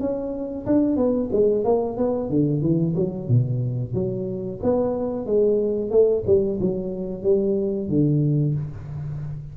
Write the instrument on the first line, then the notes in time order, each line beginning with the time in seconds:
tuba
0.00 C#4
0.66 D4
0.97 B3
1.33 G#3
1.65 A#3
1.97 B3
2.30 D3
2.62 E3
2.96 F#3
3.29 B2
3.94 F#3
4.63 B3
5.26 G#3
5.91 A3
6.27 G3
6.61 F#3
7.23 G3
7.89 D3